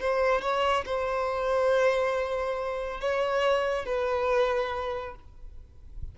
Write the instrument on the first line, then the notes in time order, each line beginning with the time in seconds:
violin
0.00 C5
0.41 C#5
0.85 C5
3.00 C#5
3.85 B4